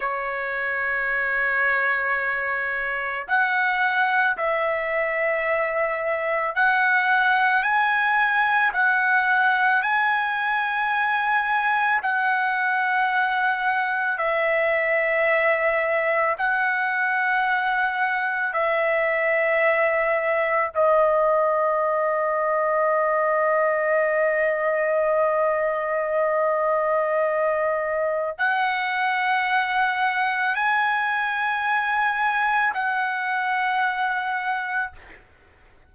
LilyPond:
\new Staff \with { instrumentName = "trumpet" } { \time 4/4 \tempo 4 = 55 cis''2. fis''4 | e''2 fis''4 gis''4 | fis''4 gis''2 fis''4~ | fis''4 e''2 fis''4~ |
fis''4 e''2 dis''4~ | dis''1~ | dis''2 fis''2 | gis''2 fis''2 | }